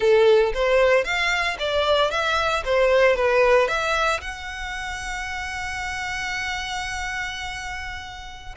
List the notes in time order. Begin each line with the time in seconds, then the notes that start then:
0.00 A4
0.54 C5
1.04 F5
1.59 D5
2.11 E5
2.65 C5
3.16 B4
3.67 E5
4.20 F#5